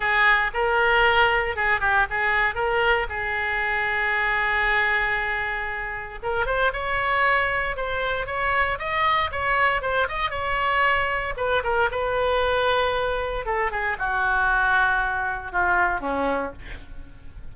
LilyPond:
\new Staff \with { instrumentName = "oboe" } { \time 4/4 \tempo 4 = 116 gis'4 ais'2 gis'8 g'8 | gis'4 ais'4 gis'2~ | gis'1 | ais'8 c''8 cis''2 c''4 |
cis''4 dis''4 cis''4 c''8 dis''8 | cis''2 b'8 ais'8 b'4~ | b'2 a'8 gis'8 fis'4~ | fis'2 f'4 cis'4 | }